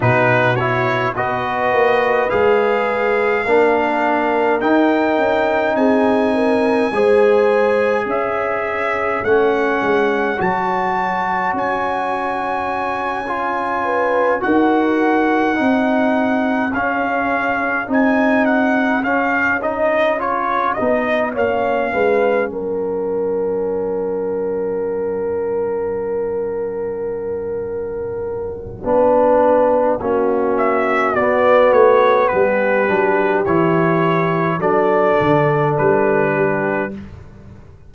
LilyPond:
<<
  \new Staff \with { instrumentName = "trumpet" } { \time 4/4 \tempo 4 = 52 b'8 cis''8 dis''4 f''2 | g''4 gis''2 e''4 | fis''4 a''4 gis''2~ | gis''8 fis''2 f''4 gis''8 |
fis''8 f''8 dis''8 cis''8 dis''8 f''4 fis''8~ | fis''1~ | fis''2~ fis''8 e''8 d''8 cis''8 | b'4 cis''4 d''4 b'4 | }
  \new Staff \with { instrumentName = "horn" } { \time 4/4 fis'4 b'2 ais'4~ | ais'4 gis'8 ais'8 c''4 cis''4~ | cis''1 | b'8 ais'4 gis'2~ gis'8~ |
gis'2~ gis'8 cis''8 b'8 ais'8~ | ais'1~ | ais'4 b'4 fis'2 | g'2 a'4. g'8 | }
  \new Staff \with { instrumentName = "trombone" } { \time 4/4 dis'8 e'8 fis'4 gis'4 d'4 | dis'2 gis'2 | cis'4 fis'2~ fis'8 f'8~ | f'8 fis'4 dis'4 cis'4 dis'8~ |
dis'8 cis'8 dis'8 f'8 dis'8 cis'4.~ | cis'1~ | cis'4 d'4 cis'4 b4~ | b8 d'8 e'4 d'2 | }
  \new Staff \with { instrumentName = "tuba" } { \time 4/4 b,4 b8 ais8 gis4 ais4 | dis'8 cis'8 c'4 gis4 cis'4 | a8 gis8 fis4 cis'2~ | cis'8 dis'4 c'4 cis'4 c'8~ |
c'8 cis'4. b8 ais8 gis8 fis8~ | fis1~ | fis4 b4 ais4 b8 a8 | g8 fis8 e4 fis8 d8 g4 | }
>>